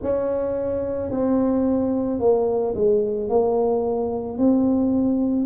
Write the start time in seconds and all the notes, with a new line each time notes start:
0.02 C#4
1.11 C4
2.19 A#3
2.75 G#3
3.29 A#3
4.38 C4